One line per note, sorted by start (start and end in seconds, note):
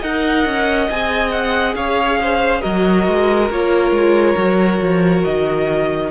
0.00 0.45 D#4
0.00 0.91 A#4
0.00 1.74 D#5
0.00 0.90 F#5
0.45 0.89 C#4
0.90 1.76 C4
0.90 2.63 G#4
0.90 1.32 G#5
1.32 1.75 F#5
1.76 2.62 C#4
1.76 2.20 C#5
1.76 2.62 F5
2.21 2.62 C5
2.62 3.08 F#3
2.62 3.50 F#4
2.62 6.09 A#4
2.62 3.49 D#5
3.08 3.50 G#3
3.50 3.91 A#3
3.50 4.37 F4
3.50 5.24 C#5
3.91 4.35 G#3
4.37 4.81 F#3
4.37 6.11 F#4
4.81 5.24 F3
5.24 6.11 D#3
5.24 6.11 D#5